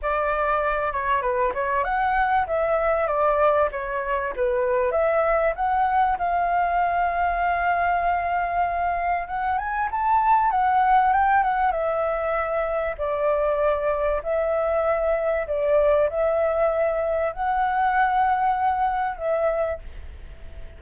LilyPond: \new Staff \with { instrumentName = "flute" } { \time 4/4 \tempo 4 = 97 d''4. cis''8 b'8 cis''8 fis''4 | e''4 d''4 cis''4 b'4 | e''4 fis''4 f''2~ | f''2. fis''8 gis''8 |
a''4 fis''4 g''8 fis''8 e''4~ | e''4 d''2 e''4~ | e''4 d''4 e''2 | fis''2. e''4 | }